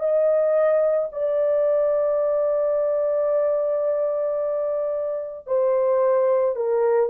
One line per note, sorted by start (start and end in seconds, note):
0.00 1.09 D#5
1.13 5.47 D5
5.47 6.56 C5
6.56 7.10 A#4